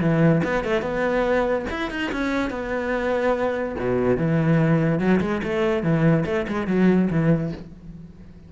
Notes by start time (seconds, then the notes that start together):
0.00 E3
0.43 B3
0.64 A3
0.82 B3
1.70 E4
1.90 D#4
2.11 C#4
2.50 B3
3.79 B2
4.16 E3
4.99 F#3
5.20 G#3
5.43 A3
5.83 E3
6.25 A3
6.47 G#3
6.67 F#3
7.10 E3